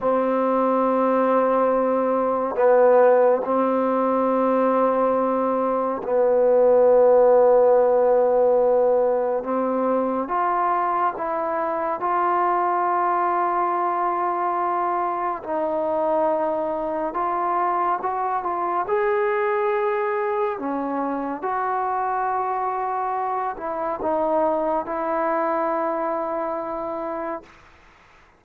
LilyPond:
\new Staff \with { instrumentName = "trombone" } { \time 4/4 \tempo 4 = 70 c'2. b4 | c'2. b4~ | b2. c'4 | f'4 e'4 f'2~ |
f'2 dis'2 | f'4 fis'8 f'8 gis'2 | cis'4 fis'2~ fis'8 e'8 | dis'4 e'2. | }